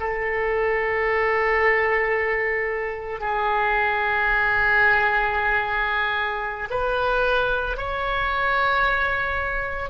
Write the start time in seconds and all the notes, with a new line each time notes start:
0.00 A4
3.20 G#4
6.70 B4
7.77 C#5